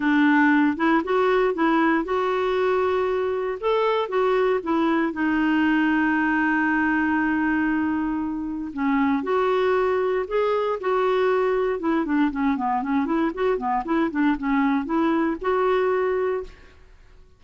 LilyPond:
\new Staff \with { instrumentName = "clarinet" } { \time 4/4 \tempo 4 = 117 d'4. e'8 fis'4 e'4 | fis'2. a'4 | fis'4 e'4 dis'2~ | dis'1~ |
dis'4 cis'4 fis'2 | gis'4 fis'2 e'8 d'8 | cis'8 b8 cis'8 e'8 fis'8 b8 e'8 d'8 | cis'4 e'4 fis'2 | }